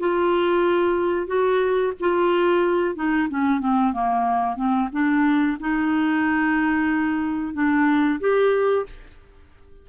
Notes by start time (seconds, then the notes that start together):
0.00 F4
1.27 F#4
2.00 F4
2.96 D#4
3.29 C#4
3.60 C4
3.93 A#3
4.56 C4
4.92 D4
5.60 D#4
7.54 D4
8.21 G4